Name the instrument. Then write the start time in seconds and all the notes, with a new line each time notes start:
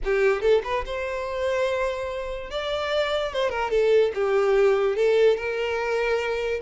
violin
0.04 G4
0.41 A4
0.64 B4
0.85 C5
2.50 D5
3.33 C5
3.49 A#4
3.70 A4
4.14 G4
4.96 A4
5.36 A#4